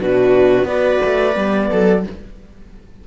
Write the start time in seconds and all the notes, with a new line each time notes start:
0.00 B2 D4 F#4 B4
0.64 B3 F#4 B4 D5
1.04 A3
1.33 G3 B3
1.70 F#3 A4